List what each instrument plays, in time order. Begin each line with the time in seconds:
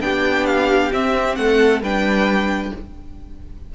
0.00 cello B3, viola D4, violin G4 G5
0.46 violin F5
0.92 viola C4, cello C4, violin E5
1.35 cello A3, violin A4 F#5
1.81 cello G3, viola D4, violin B4 G5